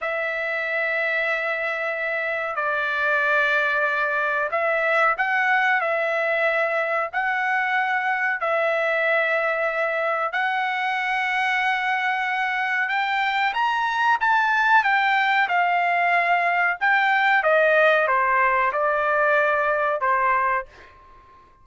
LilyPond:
\new Staff \with { instrumentName = "trumpet" } { \time 4/4 \tempo 4 = 93 e''1 | d''2. e''4 | fis''4 e''2 fis''4~ | fis''4 e''2. |
fis''1 | g''4 ais''4 a''4 g''4 | f''2 g''4 dis''4 | c''4 d''2 c''4 | }